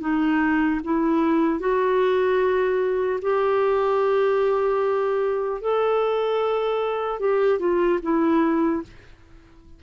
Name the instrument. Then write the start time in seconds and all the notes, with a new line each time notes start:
clarinet
0.00 D#4
0.84 E4
1.59 F#4
3.21 G4
5.61 A4
7.19 G4
7.59 F4
8.02 E4